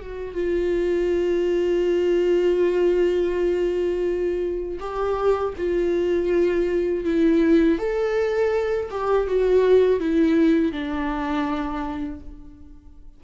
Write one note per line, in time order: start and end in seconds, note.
0.00 0.34 F#4
0.34 4.78 F4
4.79 5.54 G4
5.57 7.04 F4
7.04 7.78 E4
7.78 8.89 A4
8.91 9.27 G4
9.27 10.00 F#4
10.00 10.72 E4
10.72 12.20 D4